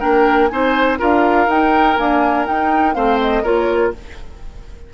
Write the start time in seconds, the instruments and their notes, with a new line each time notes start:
0.00 bassoon A#3, clarinet D4, oboe A#4, flute G5
0.48 bassoon C4, clarinet D#4, oboe C5, flute G#5
0.99 bassoon D4, clarinet F4, oboe A#4, flute F5
1.47 bassoon D#4, clarinet D#4, flute G5
1.97 clarinet A#3, bassoon D4, flute G#5
2.46 clarinet D#4, bassoon D#4, flute G5
2.94 bassoon A3, clarinet C4, oboe C5, flute F5
3.22 flute D#5
3.43 bassoon A#3, clarinet F4, oboe A#4, flute C#5